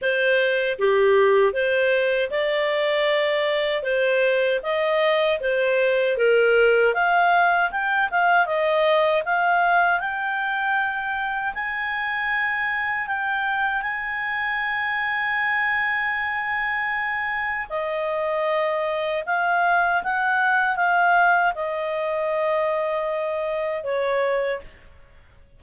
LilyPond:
\new Staff \with { instrumentName = "clarinet" } { \time 4/4 \tempo 4 = 78 c''4 g'4 c''4 d''4~ | d''4 c''4 dis''4 c''4 | ais'4 f''4 g''8 f''8 dis''4 | f''4 g''2 gis''4~ |
gis''4 g''4 gis''2~ | gis''2. dis''4~ | dis''4 f''4 fis''4 f''4 | dis''2. cis''4 | }